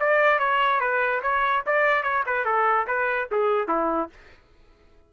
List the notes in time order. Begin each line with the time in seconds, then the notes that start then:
0.00 D5
0.39 C#5
0.81 B4
1.23 C#5
1.66 D5
2.04 C#5
2.27 B4
2.45 A4
2.87 B4
3.32 G#4
3.68 E4